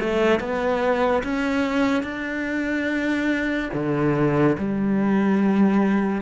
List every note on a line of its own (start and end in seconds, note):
0.00 0.40 A3
0.40 1.23 B3
1.23 2.03 C#4
2.03 3.70 D4
3.73 4.57 D3
4.58 6.22 G3